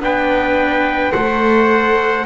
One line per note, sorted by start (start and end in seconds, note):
0.00 1.13 B3
0.00 1.15 D4
0.00 1.12 B4
0.00 1.13 G5
1.12 2.26 A3
1.12 2.26 A4
1.12 2.25 C5
1.12 2.26 F#5